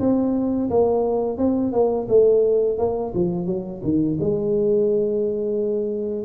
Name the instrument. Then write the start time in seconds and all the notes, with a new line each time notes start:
tuba
0.00 C4
0.70 A#3
1.38 C4
1.73 A#3
2.09 A3
2.78 A#3
3.15 F3
3.46 F#3
3.83 D#3
4.20 G#3